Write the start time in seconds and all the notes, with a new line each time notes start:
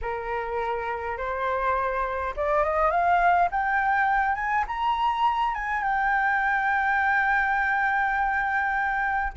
0.01 A#4
1.17 C5
2.36 D5
2.63 D#5
2.90 F5
3.51 G5
4.35 G#5
4.67 A#5
5.54 G#5
5.83 G5